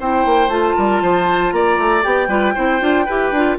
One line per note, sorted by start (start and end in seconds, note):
0.00 0.26 C4
0.00 0.51 E4
0.00 0.77 C5
0.00 0.50 G5
0.26 0.48 A#3
0.48 0.74 A3
0.48 2.03 F4
0.48 1.52 A5
0.77 1.02 G3
0.77 1.02 A#4
1.02 1.53 F3
1.02 1.54 C5
1.52 1.78 A#3
1.52 2.29 D5
1.52 2.04 A#5
1.79 2.04 A3
2.03 2.28 B3
2.03 2.29 G4
2.03 3.58 G5
2.28 2.54 G3
2.28 2.55 F4
2.28 2.54 B4
2.55 2.82 C4
2.55 2.80 E4
2.55 3.06 C5
2.80 3.07 D4
2.80 3.06 F4
3.06 3.32 E4
3.06 3.35 G4
3.06 3.57 B4
3.32 3.58 D4
3.32 3.59 F4